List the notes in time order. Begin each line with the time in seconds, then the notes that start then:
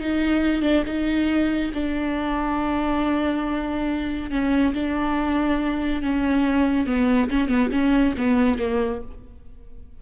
0.00 D#4
0.62 D4
0.86 D#4
1.74 D4
4.31 C#4
4.74 D4
6.02 C#4
6.87 B3
7.30 C#4
7.48 B3
7.72 C#4
8.17 B3
8.59 A#3